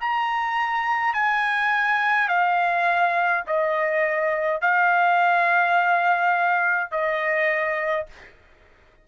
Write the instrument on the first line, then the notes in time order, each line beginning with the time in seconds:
trumpet
0.00 A#5
1.14 G#5
2.29 F5
3.47 D#5
4.61 F5
6.91 D#5